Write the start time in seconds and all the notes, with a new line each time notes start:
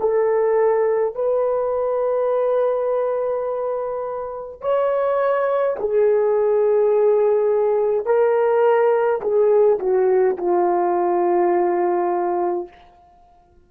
0.00 A4
1.15 B4
4.61 C#5
5.80 G#4
8.06 A#4
9.21 G#4
9.79 F#4
10.37 F4